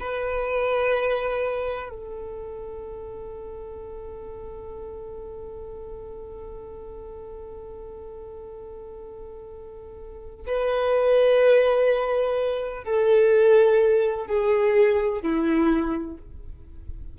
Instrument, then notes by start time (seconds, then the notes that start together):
violin
0.00 B4
1.89 A4
10.46 B4
12.84 A4
14.26 G#4
15.22 E4